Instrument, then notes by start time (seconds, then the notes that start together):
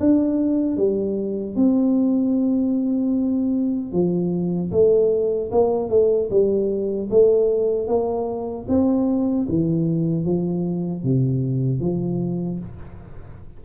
tuba
0.00 D4
0.78 G3
1.56 C4
3.93 F3
4.72 A3
5.52 A#3
5.90 A3
6.31 G3
7.11 A3
7.88 A#3
8.68 C4
9.49 E3
10.25 F3
11.04 C3
11.81 F3